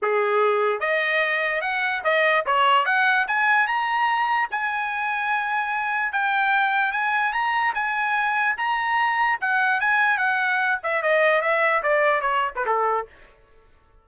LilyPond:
\new Staff \with { instrumentName = "trumpet" } { \time 4/4 \tempo 4 = 147 gis'2 dis''2 | fis''4 dis''4 cis''4 fis''4 | gis''4 ais''2 gis''4~ | gis''2. g''4~ |
g''4 gis''4 ais''4 gis''4~ | gis''4 ais''2 fis''4 | gis''4 fis''4. e''8 dis''4 | e''4 d''4 cis''8. b'16 a'4 | }